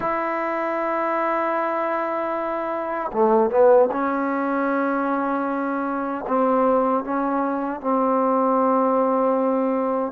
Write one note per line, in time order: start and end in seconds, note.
0.00 3.11 E4
3.12 3.50 A3
3.50 3.89 B3
3.91 6.25 C#4
6.27 7.03 C4
7.03 7.80 C#4
7.80 10.12 C4